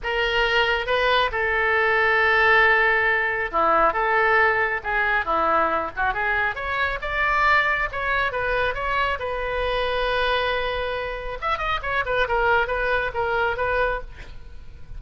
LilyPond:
\new Staff \with { instrumentName = "oboe" } { \time 4/4 \tempo 4 = 137 ais'2 b'4 a'4~ | a'1 | e'4 a'2 gis'4 | e'4. fis'8 gis'4 cis''4 |
d''2 cis''4 b'4 | cis''4 b'2.~ | b'2 e''8 dis''8 cis''8 b'8 | ais'4 b'4 ais'4 b'4 | }